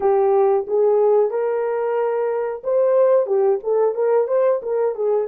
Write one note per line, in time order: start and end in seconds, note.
0.00 0.66 G4
0.67 1.30 G#4
1.30 2.62 A#4
2.63 3.26 C5
3.26 3.59 G4
3.63 3.94 A4
3.94 4.27 A#4
4.27 4.60 C5
4.62 4.95 A#4
4.95 5.27 G#4